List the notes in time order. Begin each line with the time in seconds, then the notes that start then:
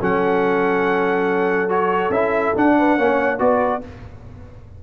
0.00 F#3 C#4 A4 F#5
1.69 F#4 C#5
2.10 C#4 E4 E5
2.55 D4 F#5
2.78 B4
2.98 A#3 C#4 C#5
3.38 B3 F#4 B4 D5